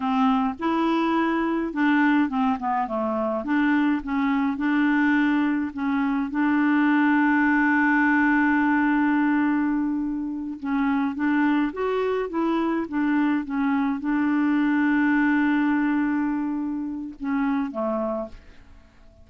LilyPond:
\new Staff \with { instrumentName = "clarinet" } { \time 4/4 \tempo 4 = 105 c'4 e'2 d'4 | c'8 b8 a4 d'4 cis'4 | d'2 cis'4 d'4~ | d'1~ |
d'2~ d'8 cis'4 d'8~ | d'8 fis'4 e'4 d'4 cis'8~ | cis'8 d'2.~ d'8~ | d'2 cis'4 a4 | }